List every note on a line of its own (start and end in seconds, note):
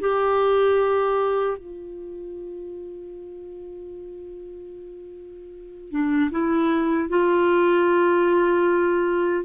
0.00 1.58 G4
1.58 5.91 F4
5.91 6.31 D4
6.31 7.09 E4
7.09 9.45 F4